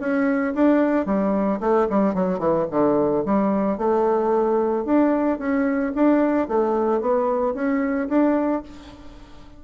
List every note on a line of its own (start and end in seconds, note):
0.00 0.54 C#4
0.55 1.06 D4
1.06 1.60 G3
1.61 1.88 A3
1.90 2.14 G3
2.14 2.39 F#3
2.39 2.66 E3
2.71 3.25 D3
3.26 3.78 G3
3.78 4.85 A3
4.85 5.39 D4
5.39 5.93 C#4
5.95 6.49 D4
6.49 7.01 A3
7.01 7.55 B3
7.55 8.09 C#4
8.09 8.63 D4